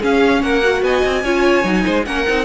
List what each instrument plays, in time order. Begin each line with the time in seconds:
0.00 viola C#4, cello C#4, violin G#4 F5
0.43 cello A#3, violin A#4 F#5
0.63 viola F#4
0.83 cello B3, violin D#5 G#5
1.05 cello C4
1.24 cello C#4, viola F4, violin C#5
1.63 cello F#3, viola D#4
1.86 cello G#3, violin C5
2.06 cello A#3, viola C#4, violin A#4 F#5
2.28 cello C4, viola D#4